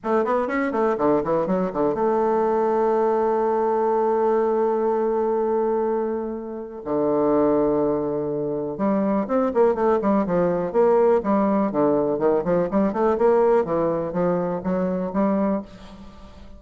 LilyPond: \new Staff \with { instrumentName = "bassoon" } { \time 4/4 \tempo 4 = 123 a8 b8 cis'8 a8 d8 e8 fis8 d8 | a1~ | a1~ | a2 d2~ |
d2 g4 c'8 ais8 | a8 g8 f4 ais4 g4 | d4 dis8 f8 g8 a8 ais4 | e4 f4 fis4 g4 | }